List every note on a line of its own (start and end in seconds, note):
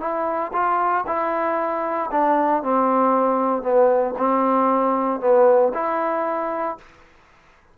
0.00 0.52 E4
0.52 1.04 F4
1.07 2.10 E4
2.11 2.63 D4
2.63 3.62 C4
3.62 4.14 B3
4.18 5.20 C4
5.20 5.72 B3
5.74 6.77 E4